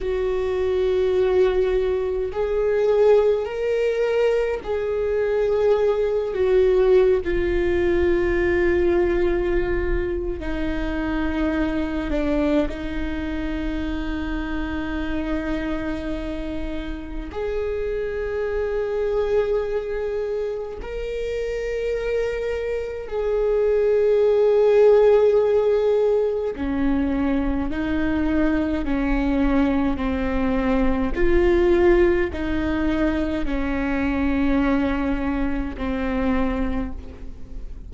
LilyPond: \new Staff \with { instrumentName = "viola" } { \time 4/4 \tempo 4 = 52 fis'2 gis'4 ais'4 | gis'4. fis'8. f'4.~ f'16~ | f'4 dis'4. d'8 dis'4~ | dis'2. gis'4~ |
gis'2 ais'2 | gis'2. cis'4 | dis'4 cis'4 c'4 f'4 | dis'4 cis'2 c'4 | }